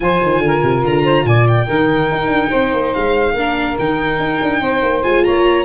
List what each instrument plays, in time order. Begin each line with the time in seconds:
0.00 tuba F3, viola F4, saxophone C5, violin G#5
0.22 tuba D#3
0.37 tuba D3
0.45 saxophone A#4
0.62 tuba C3
0.84 tuba D3, violin A#5
1.03 saxophone C5
1.24 tuba A#2, saxophone D5, violin G#5
1.47 violin G5
1.66 tuba D#3, viola D#4, saxophone A#4
2.11 tuba D#4
2.27 tuba D4
2.49 tuba C4, saxophone C5
2.73 tuba A#3
2.93 tuba G#3, violin F5
3.33 tuba A#3, viola D4, saxophone A#4
3.78 tuba D#3, viola D#4, violin G5
4.19 tuba D#4
4.42 tuba D4
4.60 tuba C4, saxophone C5
4.82 tuba A#3
5.03 tuba G#3, viola F4, violin G#5
5.23 tuba A#3, saxophone C#5, violin A#5